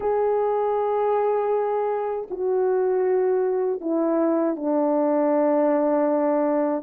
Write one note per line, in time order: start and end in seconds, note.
0.00 2.27 G#4
2.30 3.80 F#4
3.80 4.56 E4
4.56 6.83 D4